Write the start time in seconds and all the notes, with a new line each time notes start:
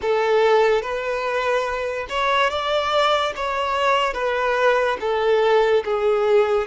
0.01 A4
0.81 B4
2.09 C#5
2.50 D5
3.36 C#5
4.13 B4
5.00 A4
5.84 G#4